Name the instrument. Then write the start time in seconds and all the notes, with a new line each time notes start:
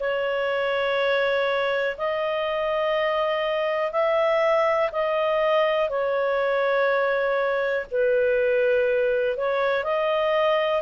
clarinet
0.00 C#5
1.98 D#5
3.92 E5
4.92 D#5
5.90 C#5
7.91 B4
9.38 C#5
9.84 D#5